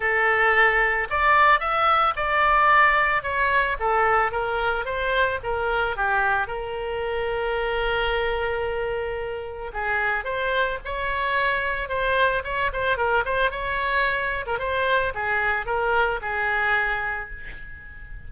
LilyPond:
\new Staff \with { instrumentName = "oboe" } { \time 4/4 \tempo 4 = 111 a'2 d''4 e''4 | d''2 cis''4 a'4 | ais'4 c''4 ais'4 g'4 | ais'1~ |
ais'2 gis'4 c''4 | cis''2 c''4 cis''8 c''8 | ais'8 c''8 cis''4.~ cis''16 ais'16 c''4 | gis'4 ais'4 gis'2 | }